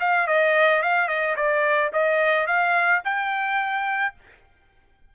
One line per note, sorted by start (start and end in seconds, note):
0.00 0.28 F5
0.28 0.83 D#5
0.83 1.08 F5
1.08 1.36 D#5
1.36 1.91 D5
1.93 2.47 D#5
2.47 3.02 F5
3.05 4.15 G5